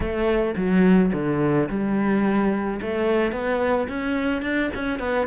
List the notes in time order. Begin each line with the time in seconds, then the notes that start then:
0.00 A3
0.56 F#3
1.13 D3
1.69 G3
2.81 A3
3.32 B3
3.88 C#4
4.42 D4
4.74 C#4
4.99 B3